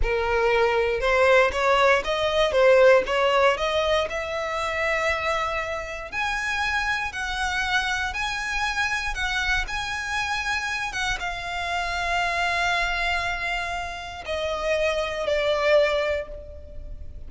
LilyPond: \new Staff \with { instrumentName = "violin" } { \time 4/4 \tempo 4 = 118 ais'2 c''4 cis''4 | dis''4 c''4 cis''4 dis''4 | e''1 | gis''2 fis''2 |
gis''2 fis''4 gis''4~ | gis''4. fis''8 f''2~ | f''1 | dis''2 d''2 | }